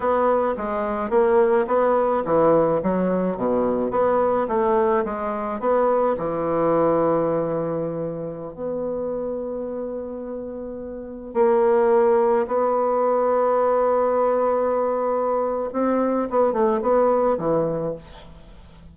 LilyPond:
\new Staff \with { instrumentName = "bassoon" } { \time 4/4 \tempo 4 = 107 b4 gis4 ais4 b4 | e4 fis4 b,4 b4 | a4 gis4 b4 e4~ | e2.~ e16 b8.~ |
b1~ | b16 ais2 b4.~ b16~ | b1 | c'4 b8 a8 b4 e4 | }